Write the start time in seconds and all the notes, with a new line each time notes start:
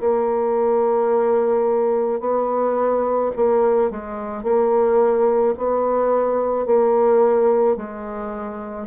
0.00 A#3
2.20 B3
3.36 A#3
3.90 G#3
4.43 A#3
5.58 B3
6.67 A#3
7.77 G#3